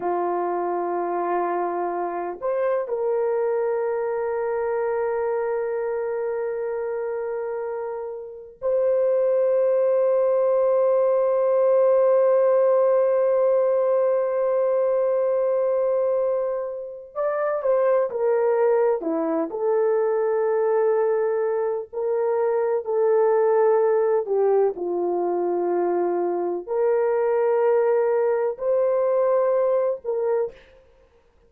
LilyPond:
\new Staff \with { instrumentName = "horn" } { \time 4/4 \tempo 4 = 63 f'2~ f'8 c''8 ais'4~ | ais'1~ | ais'4 c''2.~ | c''1~ |
c''2 d''8 c''8 ais'4 | e'8 a'2~ a'8 ais'4 | a'4. g'8 f'2 | ais'2 c''4. ais'8 | }